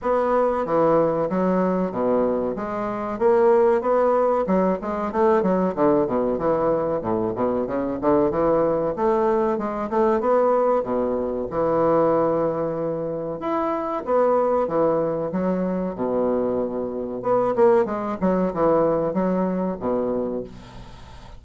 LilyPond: \new Staff \with { instrumentName = "bassoon" } { \time 4/4 \tempo 4 = 94 b4 e4 fis4 b,4 | gis4 ais4 b4 fis8 gis8 | a8 fis8 d8 b,8 e4 a,8 b,8 | cis8 d8 e4 a4 gis8 a8 |
b4 b,4 e2~ | e4 e'4 b4 e4 | fis4 b,2 b8 ais8 | gis8 fis8 e4 fis4 b,4 | }